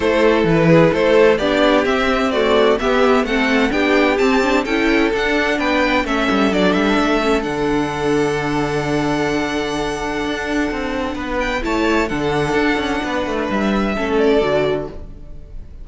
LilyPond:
<<
  \new Staff \with { instrumentName = "violin" } { \time 4/4 \tempo 4 = 129 c''4 b'4 c''4 d''4 | e''4 d''4 e''4 fis''4 | g''4 a''4 g''4 fis''4 | g''4 e''4 d''8 e''4. |
fis''1~ | fis''1~ | fis''8 g''8 a''4 fis''2~ | fis''4 e''4. d''4. | }
  \new Staff \with { instrumentName = "violin" } { \time 4/4 a'4. gis'8 a'4 g'4~ | g'4 fis'4 g'4 a'4 | g'2 a'2 | b'4 a'2.~ |
a'1~ | a'1 | b'4 cis''4 a'2 | b'2 a'2 | }
  \new Staff \with { instrumentName = "viola" } { \time 4/4 e'2. d'4 | c'4 a4 b4 c'4 | d'4 c'8 d'8 e'4 d'4~ | d'4 cis'4 d'4. cis'8 |
d'1~ | d'1~ | d'4 e'4 d'2~ | d'2 cis'4 fis'4 | }
  \new Staff \with { instrumentName = "cello" } { \time 4/4 a4 e4 a4 b4 | c'2 b4 a4 | b4 c'4 cis'4 d'4 | b4 a8 g8 fis8 g8 a4 |
d1~ | d2 d'4 c'4 | b4 a4 d4 d'8 cis'8 | b8 a8 g4 a4 d4 | }
>>